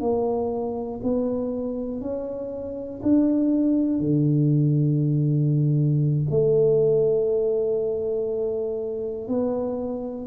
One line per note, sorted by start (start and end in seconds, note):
0.00 1.00 A#3
1.03 2.01 B3
2.01 3.01 C#4
3.02 4.00 D4
4.00 6.25 D3
6.30 9.28 A3
9.28 10.27 B3